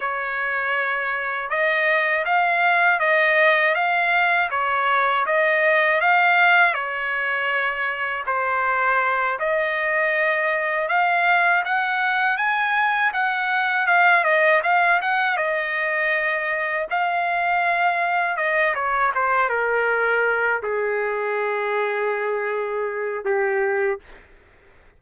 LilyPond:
\new Staff \with { instrumentName = "trumpet" } { \time 4/4 \tempo 4 = 80 cis''2 dis''4 f''4 | dis''4 f''4 cis''4 dis''4 | f''4 cis''2 c''4~ | c''8 dis''2 f''4 fis''8~ |
fis''8 gis''4 fis''4 f''8 dis''8 f''8 | fis''8 dis''2 f''4.~ | f''8 dis''8 cis''8 c''8 ais'4. gis'8~ | gis'2. g'4 | }